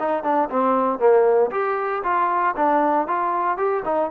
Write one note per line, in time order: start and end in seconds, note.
0.00 0.24 D#4
0.24 0.50 D4
0.50 0.99 C4
0.99 1.51 A#3
1.52 2.03 G4
2.04 2.56 F4
2.57 3.08 D4
3.08 3.58 F4
3.58 3.84 G4
3.86 4.11 D#4